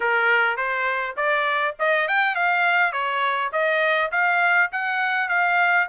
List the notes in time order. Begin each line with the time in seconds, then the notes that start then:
0.00 A#4
0.56 C5
1.16 D5
1.79 D#5
2.08 G5
2.35 F5
2.92 C#5
3.52 D#5
4.11 F5
4.71 F#5
5.28 F5